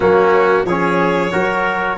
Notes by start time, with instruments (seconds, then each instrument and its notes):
0.00 tuba F#3, trombone A#3, trumpet C#4, violin F#4
0.64 tuba F3, trombone C#4, trumpet G#4, violin C#5
1.31 tuba F#3, trombone F#4, trumpet A#4